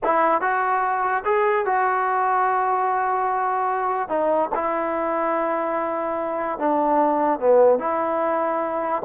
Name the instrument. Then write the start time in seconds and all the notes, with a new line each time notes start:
trombone
0.03 E4
0.41 F#4
1.25 G#4
1.65 F#4
4.08 D#4
4.54 E4
6.58 D4
7.39 B3
7.79 E4